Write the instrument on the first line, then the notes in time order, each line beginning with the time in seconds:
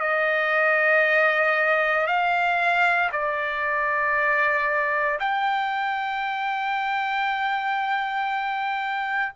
trumpet
0.00 D#5
2.07 F5
3.12 D5
5.20 G5